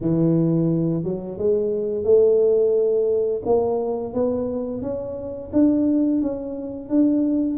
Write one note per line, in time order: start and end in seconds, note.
0.00 1.03 E3
1.03 1.38 F#3
1.38 2.03 G#3
2.03 3.41 A3
3.45 4.13 A#3
4.13 4.82 B3
4.82 5.50 C#4
5.52 6.21 D4
6.21 6.89 C#4
6.89 7.57 D4